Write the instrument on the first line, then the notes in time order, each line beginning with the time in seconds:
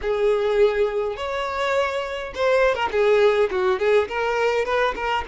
violin
0.01 G#4
1.16 C#5
2.34 C5
2.74 A#4
2.91 G#4
3.50 F#4
3.79 G#4
4.08 A#4
4.65 B4
4.95 A#4